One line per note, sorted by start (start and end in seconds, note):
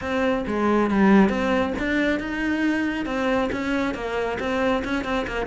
0.01 0.45 C4
0.47 0.90 G#3
0.90 1.29 G3
1.29 1.73 C4
1.78 2.19 D4
2.19 3.05 D#4
3.05 3.49 C4
3.52 3.94 C#4
3.94 4.38 A#3
4.39 4.83 C4
4.84 5.04 C#4
5.04 5.26 C4
5.27 5.46 A#3